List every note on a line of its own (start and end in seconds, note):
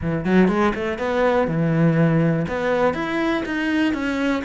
0.01 0.24 E3
0.24 0.48 F#3
0.48 0.72 G#3
0.74 0.98 A3
0.98 1.47 B3
1.47 2.46 E3
2.47 2.94 B3
2.94 3.43 E4
3.45 3.93 D#4
3.93 4.42 C#4